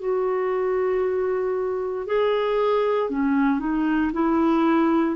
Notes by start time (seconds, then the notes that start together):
0.00 F#4
2.07 G#4
3.10 C#4
3.60 D#4
4.13 E4